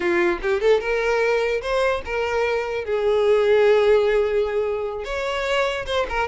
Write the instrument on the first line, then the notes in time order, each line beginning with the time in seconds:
violin
0.00 F4
0.41 G4
0.60 A4
0.80 A#4
1.61 C5
2.05 A#4
2.85 G#4
5.04 C#5
5.86 C5
6.09 A#4